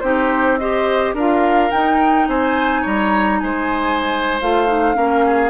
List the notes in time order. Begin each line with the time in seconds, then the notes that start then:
0.00 C4 D#4 G4 C5
0.57 G4 C5 D#5
1.13 D4 F4 A#4 F5
1.71 D#4 G5
2.28 C4 C5 G#5
2.81 G3 C#5 A#5
3.40 G#3 C5 G#5
4.41 A3 F4 F5
4.67 D#4
4.94 A#3 C#4 A#4
5.26 G#4